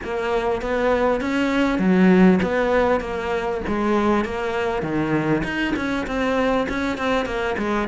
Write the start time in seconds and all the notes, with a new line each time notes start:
0.03 A#3
0.61 B3
1.20 C#4
1.79 F#3
2.42 B3
3.00 A#3
3.67 G#3
4.24 A#3
4.82 D#3
5.43 D#4
5.75 C#4
6.06 C4
6.69 C#4
6.97 C4
7.25 A#3
7.58 G#3